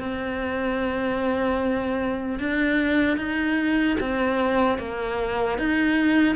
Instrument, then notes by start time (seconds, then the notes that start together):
cello
0.00 C4
2.40 D4
3.17 D#4
4.01 C4
4.79 A#3
5.59 D#4